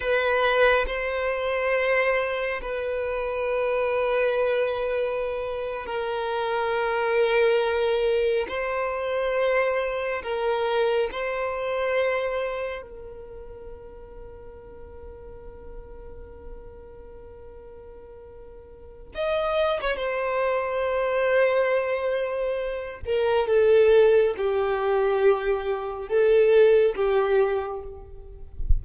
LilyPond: \new Staff \with { instrumentName = "violin" } { \time 4/4 \tempo 4 = 69 b'4 c''2 b'4~ | b'2~ b'8. ais'4~ ais'16~ | ais'4.~ ais'16 c''2 ais'16~ | ais'8. c''2 ais'4~ ais'16~ |
ais'1~ | ais'2 dis''8. cis''16 c''4~ | c''2~ c''8 ais'8 a'4 | g'2 a'4 g'4 | }